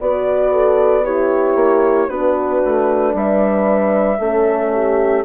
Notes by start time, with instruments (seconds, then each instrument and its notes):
0.00 bassoon B3, horn F#4 B4, flute D5
0.53 horn A4
1.04 horn E4 G4, flute C#5
1.55 bassoon A#3
2.08 bassoon B3, horn D4 F#4, flute B4
2.65 bassoon A3
3.14 bassoon G3, horn B4, flute E5
4.19 bassoon A3, horn C#4 A4
4.73 horn G4